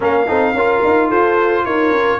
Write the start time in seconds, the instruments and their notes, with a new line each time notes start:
0.00 tuba A#3, trombone C#4, horn A#4, trumpet F5
0.27 tuba C4, trombone D#4, horn A4
0.53 tuba C#4, trombone F4, horn A#4
0.84 tuba D#4
1.08 tuba F4, horn A4, trumpet C5
1.65 tuba D#4, horn A#4, trumpet C#5
1.90 tuba C#4